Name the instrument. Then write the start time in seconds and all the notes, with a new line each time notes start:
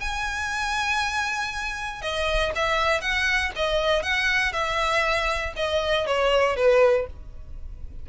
violin
0.00 G#5
2.02 D#5
2.55 E5
3.01 F#5
3.55 D#5
4.02 F#5
4.52 E5
5.56 D#5
6.06 C#5
6.56 B4